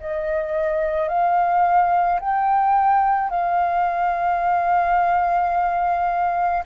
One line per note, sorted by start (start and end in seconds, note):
0.00 1.09 D#5
1.09 2.20 F5
2.20 3.30 G5
3.30 6.64 F5